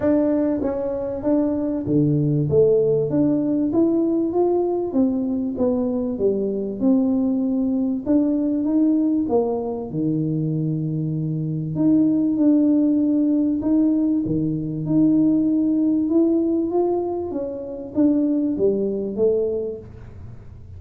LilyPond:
\new Staff \with { instrumentName = "tuba" } { \time 4/4 \tempo 4 = 97 d'4 cis'4 d'4 d4 | a4 d'4 e'4 f'4 | c'4 b4 g4 c'4~ | c'4 d'4 dis'4 ais4 |
dis2. dis'4 | d'2 dis'4 dis4 | dis'2 e'4 f'4 | cis'4 d'4 g4 a4 | }